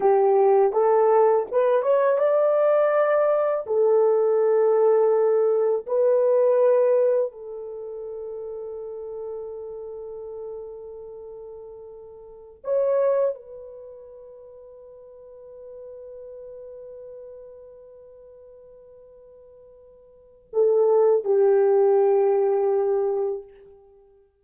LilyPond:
\new Staff \with { instrumentName = "horn" } { \time 4/4 \tempo 4 = 82 g'4 a'4 b'8 cis''8 d''4~ | d''4 a'2. | b'2 a'2~ | a'1~ |
a'4~ a'16 cis''4 b'4.~ b'16~ | b'1~ | b'1 | a'4 g'2. | }